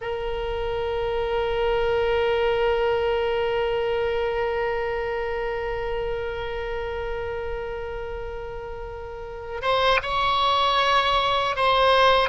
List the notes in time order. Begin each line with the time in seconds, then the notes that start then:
0.01 A#4
9.61 C5
10.02 C#5
11.56 C5